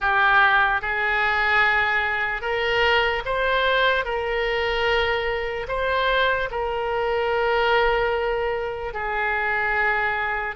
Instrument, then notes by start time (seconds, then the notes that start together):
oboe
0.00 G4
0.81 G#4
2.41 A#4
3.25 C5
4.04 A#4
5.68 C5
6.50 A#4
8.93 G#4